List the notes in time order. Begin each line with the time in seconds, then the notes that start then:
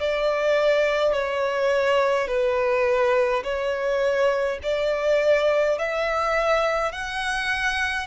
0.00 D5
1.13 C#5
2.28 B4
3.43 C#5
4.63 D5
5.78 E5
6.92 F#5